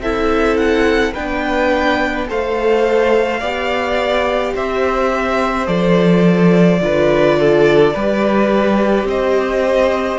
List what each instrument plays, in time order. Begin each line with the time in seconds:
0.00 cello C4, viola E4, violin A4 E5
0.57 violin F#5
1.13 cello B3, viola D4, violin B4 G5
2.27 cello A3, viola A4, violin C5 F5
3.40 cello B3, viola G4, violin D5
4.54 cello C4, violin C5 E5
5.66 cello F3, viola A4, violin D5
6.80 cello D3, viola F4, violin B4
7.39 violin A4
7.94 cello G3, viola G4, violin B4
9.04 cello C4, violin C5 D#5